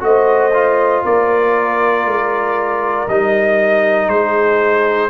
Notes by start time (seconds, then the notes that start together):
0.00 A3 F#4 C5 D#5
0.54 F4
1.04 A#3 A#4 D5
2.06 G#3
3.08 G3 D#4 D#5
4.08 G#3 G#4 C5